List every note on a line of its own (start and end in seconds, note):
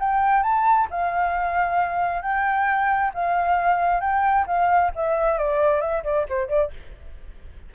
0.00 0.43 G5
0.43 0.88 A5
0.91 2.23 F5
2.23 3.12 G5
3.15 4.01 F5
4.01 4.46 G5
4.47 4.92 F5
4.96 5.39 E5
5.39 5.81 D5
5.81 6.03 E5
6.04 6.26 D5
6.29 6.49 C5
6.49 6.71 D5